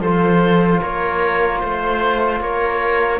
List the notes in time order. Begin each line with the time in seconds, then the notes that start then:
0.00 F3 F4 A4 C5
0.81 A#3 A#4 C#5
1.60 A3 C5
2.41 A#3 A#4 C#5